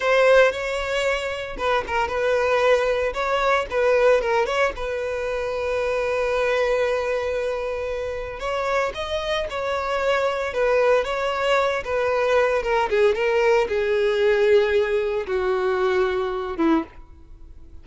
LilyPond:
\new Staff \with { instrumentName = "violin" } { \time 4/4 \tempo 4 = 114 c''4 cis''2 b'8 ais'8 | b'2 cis''4 b'4 | ais'8 cis''8 b'2.~ | b'1 |
cis''4 dis''4 cis''2 | b'4 cis''4. b'4. | ais'8 gis'8 ais'4 gis'2~ | gis'4 fis'2~ fis'8 e'8 | }